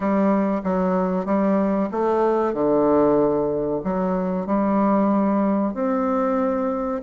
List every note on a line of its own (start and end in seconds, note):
0.00 0.61 G3
0.63 1.25 F#3
1.25 1.89 G3
1.91 2.53 A3
2.53 3.81 D3
3.84 4.46 F#3
4.46 5.73 G3
5.73 7.01 C4